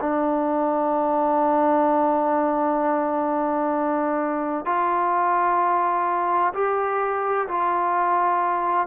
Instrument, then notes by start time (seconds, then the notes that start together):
trombone
0.00 D4
4.65 F4
6.54 G4
7.47 F4